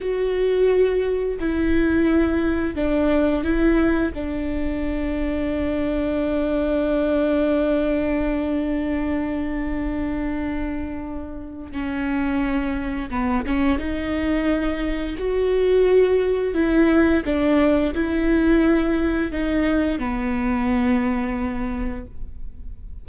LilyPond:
\new Staff \with { instrumentName = "viola" } { \time 4/4 \tempo 4 = 87 fis'2 e'2 | d'4 e'4 d'2~ | d'1~ | d'1~ |
d'4 cis'2 b8 cis'8 | dis'2 fis'2 | e'4 d'4 e'2 | dis'4 b2. | }